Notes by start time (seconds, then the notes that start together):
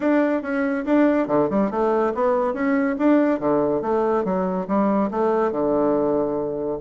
0.00 D4
0.42 C#4
0.85 D4
1.27 D3
1.50 G3
1.70 A3
2.14 B3
2.53 C#4
2.98 D4
3.39 D3
3.81 A3
4.24 F#3
4.67 G3
5.10 A3
5.51 D3